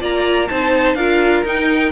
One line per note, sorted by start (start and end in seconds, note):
0.00 0.49 A#3
0.00 0.48 F4
0.00 0.49 D5
0.00 0.49 A#5
0.49 0.95 C4
0.49 0.98 D#4
0.49 0.97 C5
0.49 0.95 A5
0.95 1.43 D4
0.95 1.45 F4
0.95 1.92 A#4
0.95 1.43 F5
1.44 1.92 D#4
1.44 1.92 G5